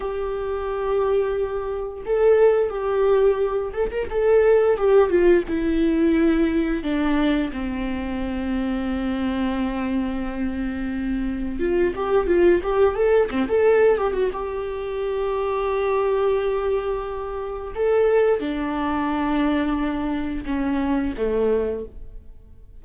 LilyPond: \new Staff \with { instrumentName = "viola" } { \time 4/4 \tempo 4 = 88 g'2. a'4 | g'4. a'16 ais'16 a'4 g'8 f'8 | e'2 d'4 c'4~ | c'1~ |
c'4 f'8 g'8 f'8 g'8 a'8 c'16 a'16~ | a'8 g'16 fis'16 g'2.~ | g'2 a'4 d'4~ | d'2 cis'4 a4 | }